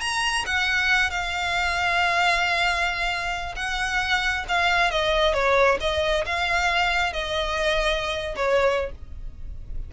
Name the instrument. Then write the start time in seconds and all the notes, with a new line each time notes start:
violin
0.00 A#5
0.46 F#5
1.10 F5
3.56 F#5
4.48 F5
4.91 D#5
5.33 C#5
5.80 D#5
6.25 F5
7.13 D#5
8.36 C#5